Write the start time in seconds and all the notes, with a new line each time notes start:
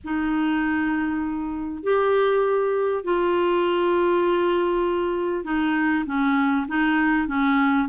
0.03 D#4
1.83 G4
3.04 F4
5.44 D#4
6.06 C#4
6.68 D#4
7.27 C#4